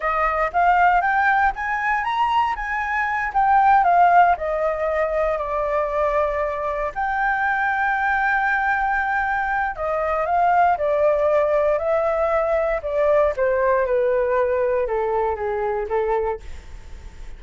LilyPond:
\new Staff \with { instrumentName = "flute" } { \time 4/4 \tempo 4 = 117 dis''4 f''4 g''4 gis''4 | ais''4 gis''4. g''4 f''8~ | f''8 dis''2 d''4.~ | d''4. g''2~ g''8~ |
g''2. dis''4 | f''4 d''2 e''4~ | e''4 d''4 c''4 b'4~ | b'4 a'4 gis'4 a'4 | }